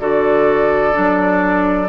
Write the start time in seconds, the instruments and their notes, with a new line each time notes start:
0.00 bassoon D3, clarinet F#4, oboe A4, flute D5
0.92 bassoon F#3, clarinet D4